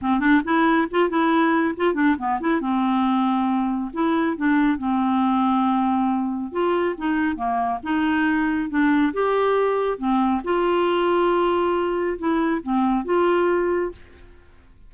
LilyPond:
\new Staff \with { instrumentName = "clarinet" } { \time 4/4 \tempo 4 = 138 c'8 d'8 e'4 f'8 e'4. | f'8 d'8 b8 e'8 c'2~ | c'4 e'4 d'4 c'4~ | c'2. f'4 |
dis'4 ais4 dis'2 | d'4 g'2 c'4 | f'1 | e'4 c'4 f'2 | }